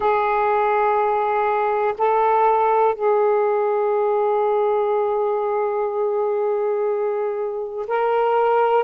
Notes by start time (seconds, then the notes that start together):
0.00 G#4
1.98 A4
2.94 G#4
7.87 A#4